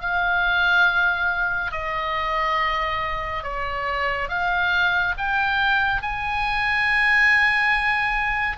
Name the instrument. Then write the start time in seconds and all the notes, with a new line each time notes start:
oboe
0.00 F5
1.71 D#5
3.43 C#5
4.29 F5
5.17 G5
6.02 G#5